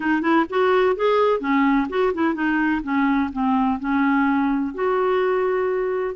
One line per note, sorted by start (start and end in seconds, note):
0.00 0.21 D#4
0.21 0.45 E4
0.49 0.96 F#4
0.96 1.40 G#4
1.40 1.87 C#4
1.89 2.13 F#4
2.14 2.34 E4
2.34 2.81 D#4
2.83 3.30 C#4
3.32 3.79 C4
3.79 4.74 C#4
4.74 6.15 F#4